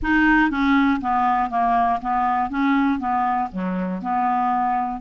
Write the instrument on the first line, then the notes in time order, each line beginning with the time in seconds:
clarinet
0.02 D#4
0.50 C#4
1.00 B3
1.50 A#3
2.01 B3
2.50 C#4
2.99 B3
3.52 F#3
4.01 B3